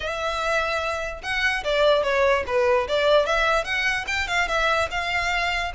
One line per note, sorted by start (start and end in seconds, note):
0.00 1.21 E5
1.22 1.63 F#5
1.64 2.03 D5
2.03 2.44 C#5
2.46 2.87 B4
2.88 3.25 D5
3.25 3.64 E5
3.64 4.05 F#5
4.07 4.27 G5
4.27 4.47 F5
4.48 4.88 E5
4.91 5.72 F5